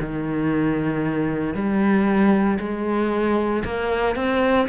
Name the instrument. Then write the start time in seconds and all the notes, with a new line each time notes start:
cello
0.00 D#3
1.54 G3
2.59 G#3
3.64 A#3
4.15 C4